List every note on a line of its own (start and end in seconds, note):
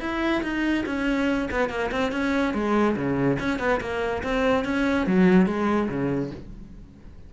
0.00 0.42 E4
0.43 0.84 D#4
0.86 1.49 C#4
1.51 1.70 B3
1.70 1.91 A#3
1.91 2.12 C4
2.12 2.54 C#4
2.54 2.96 G#3
2.96 3.38 C#3
3.39 3.59 C#4
3.59 3.80 B3
3.80 4.22 A#3
4.23 4.65 C4
4.65 5.07 C#4
5.07 5.46 F#3
5.46 5.88 G#3
5.89 6.31 C#3